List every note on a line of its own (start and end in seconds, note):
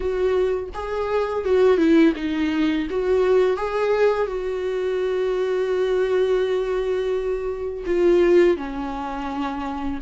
0.00 0.69 F#4
0.73 1.44 G#4
1.44 1.77 F#4
1.77 2.13 E4
2.16 2.87 D#4
2.90 3.56 F#4
3.56 4.27 G#4
4.27 7.84 F#4
7.85 8.56 F4
8.56 9.99 C#4